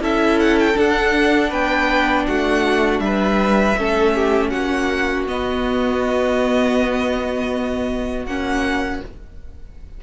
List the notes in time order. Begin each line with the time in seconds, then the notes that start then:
0.00 C#4 E4 A4 E5
0.39 F#5
0.59 G5
0.74 D4 F#5
1.50 B3 B4 G5
2.26 A3 F#4 F#5
2.99 G3 B4 E5
3.77 A3 C#4 A4
4.15 G4
4.49 A#3 F#4 F#5
5.27 B3 D#5
8.25 A#3 C#4 F#5